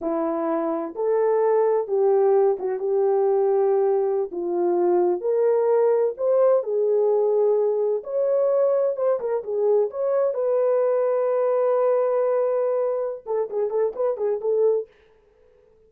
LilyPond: \new Staff \with { instrumentName = "horn" } { \time 4/4 \tempo 4 = 129 e'2 a'2 | g'4. fis'8 g'2~ | g'4~ g'16 f'2 ais'8.~ | ais'4~ ais'16 c''4 gis'4.~ gis'16~ |
gis'4~ gis'16 cis''2 c''8 ais'16~ | ais'16 gis'4 cis''4 b'4.~ b'16~ | b'1~ | b'8 a'8 gis'8 a'8 b'8 gis'8 a'4 | }